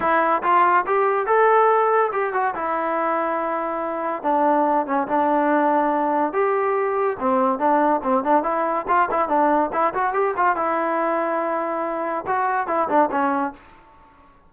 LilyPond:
\new Staff \with { instrumentName = "trombone" } { \time 4/4 \tempo 4 = 142 e'4 f'4 g'4 a'4~ | a'4 g'8 fis'8 e'2~ | e'2 d'4. cis'8 | d'2. g'4~ |
g'4 c'4 d'4 c'8 d'8 | e'4 f'8 e'8 d'4 e'8 fis'8 | g'8 f'8 e'2.~ | e'4 fis'4 e'8 d'8 cis'4 | }